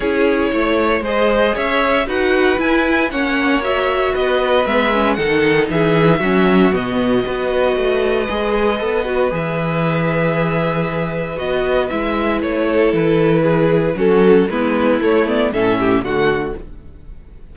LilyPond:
<<
  \new Staff \with { instrumentName = "violin" } { \time 4/4 \tempo 4 = 116 cis''2 dis''4 e''4 | fis''4 gis''4 fis''4 e''4 | dis''4 e''4 fis''4 e''4~ | e''4 dis''2.~ |
dis''2 e''2~ | e''2 dis''4 e''4 | cis''4 b'2 a'4 | b'4 cis''8 d''8 e''4 fis''4 | }
  \new Staff \with { instrumentName = "violin" } { \time 4/4 gis'4 cis''4 c''4 cis''4 | b'2 cis''2 | b'2 a'4 gis'4 | fis'2 b'2~ |
b'1~ | b'1~ | b'8 a'4. gis'4 fis'4 | e'2 a'8 g'8 fis'4 | }
  \new Staff \with { instrumentName = "viola" } { \time 4/4 e'2 gis'2 | fis'4 e'4 cis'4 fis'4~ | fis'4 b8 cis'8 dis'2 | cis'4 b4 fis'2 |
gis'4 a'8 fis'8 gis'2~ | gis'2 fis'4 e'4~ | e'2. cis'4 | b4 a8 b8 cis'4 a4 | }
  \new Staff \with { instrumentName = "cello" } { \time 4/4 cis'4 a4 gis4 cis'4 | dis'4 e'4 ais2 | b4 gis4 dis4 e4 | fis4 b,4 b4 a4 |
gis4 b4 e2~ | e2 b4 gis4 | a4 e2 fis4 | gis4 a4 a,4 d4 | }
>>